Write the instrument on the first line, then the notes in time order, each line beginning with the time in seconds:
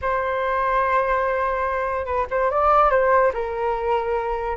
flute
0.01 C5
2.05 B4
2.30 C5
2.51 D5
2.90 C5
3.33 A#4